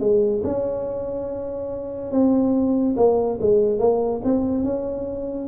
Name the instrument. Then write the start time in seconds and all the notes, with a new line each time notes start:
tuba
0.00 G#3
0.44 C#4
2.11 C4
2.97 A#3
3.41 G#3
3.79 A#3
4.24 C4
4.64 C#4